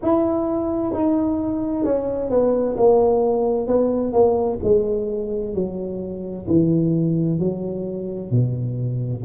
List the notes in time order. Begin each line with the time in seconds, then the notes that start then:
0.02 E4
0.93 D#4
1.84 C#4
2.30 B3
2.77 A#3
3.67 B3
4.12 A#3
4.63 G#3
5.54 F#3
6.47 E3
7.39 F#3
8.31 B2